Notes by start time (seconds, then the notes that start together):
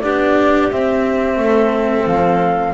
0.00 B3 D4 G4 D5
0.71 C4 E5
1.37 A3 A4
2.06 F3 F5